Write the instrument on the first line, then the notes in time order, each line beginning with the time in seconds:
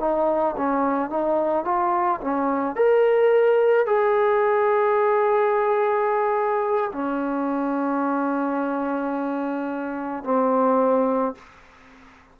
trombone
0.00 D#4
0.58 C#4
1.10 D#4
1.65 F4
2.21 C#4
2.76 A#4
3.86 G#4
6.93 C#4
10.24 C4